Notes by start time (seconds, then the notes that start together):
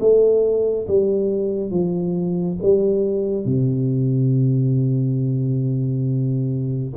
0.00 A3
0.87 G3
1.71 F3
2.62 G3
3.45 C3